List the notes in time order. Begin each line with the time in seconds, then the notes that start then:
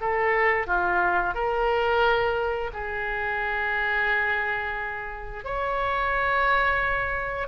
0.00 A4
0.66 F4
1.34 A#4
2.73 G#4
5.44 C#5